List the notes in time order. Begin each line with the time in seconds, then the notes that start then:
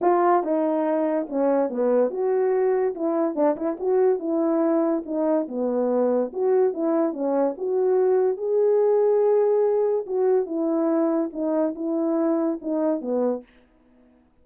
0.01 F4
0.43 D#4
1.29 C#4
1.69 B3
2.10 F#4
2.94 E4
3.35 D4
3.56 E4
3.79 F#4
4.19 E4
5.05 D#4
5.48 B3
6.32 F#4
6.73 E4
7.13 C#4
7.57 F#4
8.37 G#4
10.06 F#4
10.46 E4
11.32 D#4
11.75 E4
12.61 D#4
13.01 B3